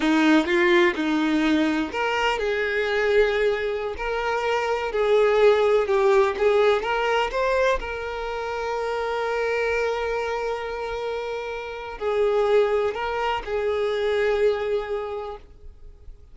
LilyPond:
\new Staff \with { instrumentName = "violin" } { \time 4/4 \tempo 4 = 125 dis'4 f'4 dis'2 | ais'4 gis'2.~ | gis'16 ais'2 gis'4.~ gis'16~ | gis'16 g'4 gis'4 ais'4 c''8.~ |
c''16 ais'2.~ ais'8.~ | ais'1~ | ais'4 gis'2 ais'4 | gis'1 | }